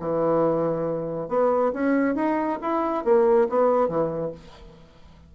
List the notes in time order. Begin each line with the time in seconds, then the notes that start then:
0.00 E3
1.29 B3
1.74 C#4
2.16 D#4
2.62 E4
3.05 A#3
3.49 B3
3.89 E3